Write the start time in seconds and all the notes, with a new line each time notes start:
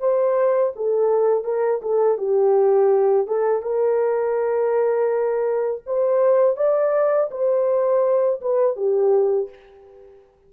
0.00 C5
0.76 A4
1.45 A#4
1.82 A4
2.18 G4
3.27 A4
3.63 A#4
5.87 C5
6.57 D5
7.31 C5
8.41 B4
8.77 G4